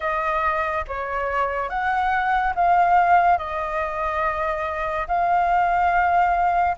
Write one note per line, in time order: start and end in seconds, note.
0.00 0.85 D#5
0.87 1.69 C#5
1.69 2.54 F#5
2.55 3.38 F5
3.38 5.07 D#5
5.07 6.76 F5